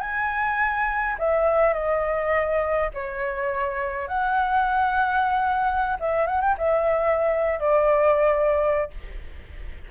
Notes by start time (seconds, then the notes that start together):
0.00 G#5
1.19 E5
1.73 D#5
2.94 C#5
4.08 F#5
6.00 E5
6.27 F#5
6.41 G5
6.58 E5
7.60 D5